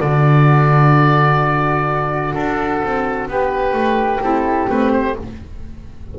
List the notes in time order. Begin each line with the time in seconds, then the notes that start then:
0.00 D3 D4 F#4 D5
2.34 D4 A4
2.83 C4
3.28 B3 G4 B4
3.73 A3
4.20 C4 E4 A4
4.68 A3 C4 B4
4.92 C5